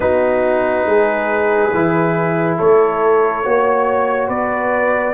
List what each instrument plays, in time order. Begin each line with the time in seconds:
0.00 tuba B3, trombone D#4, horn F#4, trumpet B4
0.85 tuba G#3, horn G#4
1.73 tuba E3, trombone E4
2.58 tuba A3, horn A4, trumpet C#5
3.43 tuba A#3, trombone F#4, horn C#5
4.27 tuba B3, horn B4, trumpet D5